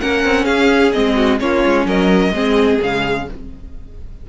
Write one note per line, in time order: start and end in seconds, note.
0.00 0.24 A#3
0.00 0.93 C#4
0.00 0.44 A#4
0.00 0.45 F#5
0.24 0.46 C4
0.44 0.93 C#4
0.44 1.14 G#4
0.44 0.92 F5
0.93 1.41 G#3
0.93 1.39 C4
0.93 1.39 D#5
1.15 1.38 F#4
1.39 1.65 A#3
1.39 2.32 C#4
1.39 1.87 F4
1.39 1.87 C#5
1.66 1.86 G#3
1.86 2.32 F#3
1.86 2.33 A#4
1.86 2.80 D#5
2.32 2.78 G#3
2.32 2.81 C4
2.32 3.27 G#4
2.81 3.28 C#3
2.81 3.27 G#3
2.81 3.29 F5